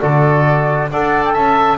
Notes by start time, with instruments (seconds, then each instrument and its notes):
0.00 double bass D3, trombone F#4, oboe A4, flute D5
0.91 double bass D4, trombone A4, oboe D5, flute F#5
1.24 flute G5
1.33 double bass C#4, oboe E5, flute A5